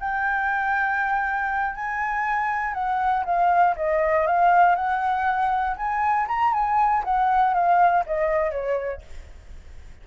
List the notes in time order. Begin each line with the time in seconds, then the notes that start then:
0.00 G5
1.75 G#5
2.74 F#5
3.25 F5
3.76 D#5
4.27 F5
4.76 F#5
5.77 G#5
6.28 A#5
6.53 G#5
7.05 F#5
7.54 F5
8.06 D#5
8.51 C#5